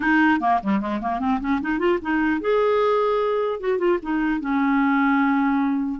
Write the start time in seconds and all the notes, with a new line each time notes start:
0.00 D#4
0.40 A#3
0.63 G3
0.80 G#3
1.01 A#3
1.19 C4
1.40 C#4
1.61 D#4
1.79 F4
2.01 D#4
2.40 G#4
3.60 F#4
3.78 F4
4.02 D#4
4.40 C#4